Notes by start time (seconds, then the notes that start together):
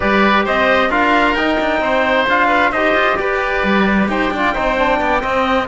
0.00 G3 G4 B4 D5
0.44 C4 C5 D#5
0.89 D4 F4 A#4 F5
1.34 D#4 G5
1.59 D4
1.80 C4 C5
2.29 D4 F4 F5
2.47 B4
2.71 D#4 G4 C5 D#5
2.94 F4
3.16 G4 B4 D5
3.63 G3
4.08 D#4 C5 G5
4.30 D4 F4 D5
4.53 C4 D#4 C5
4.77 D4
4.99 B3 D5
5.19 C4 D#5